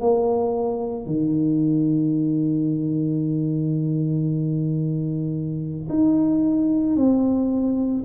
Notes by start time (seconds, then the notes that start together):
0.00 A#3
1.06 D#3
5.89 D#4
6.96 C4